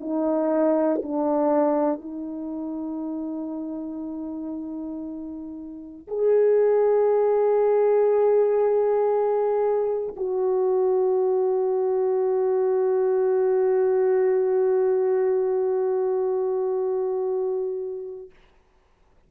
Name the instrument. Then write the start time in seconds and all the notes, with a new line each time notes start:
horn
0.00 D#4
1.03 D4
2.01 D#4
6.07 G#4
10.16 F#4